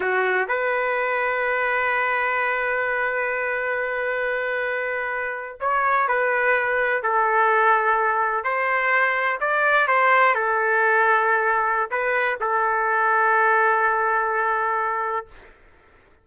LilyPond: \new Staff \with { instrumentName = "trumpet" } { \time 4/4 \tempo 4 = 126 fis'4 b'2.~ | b'1~ | b'2.~ b'8. cis''16~ | cis''8. b'2 a'4~ a'16~ |
a'4.~ a'16 c''2 d''16~ | d''8. c''4 a'2~ a'16~ | a'4 b'4 a'2~ | a'1 | }